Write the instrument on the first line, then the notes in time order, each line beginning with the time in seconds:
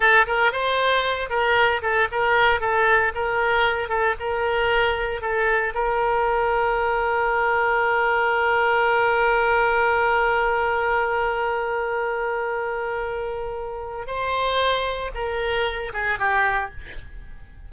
oboe
0.00 A4
0.27 A#4
0.52 C5
1.29 A#4
1.81 A4
2.11 A#4
2.60 A4
3.14 A#4
3.88 A4
4.19 A#4
5.21 A4
5.74 A#4
14.06 C5
15.14 A#4
15.93 G#4
16.18 G4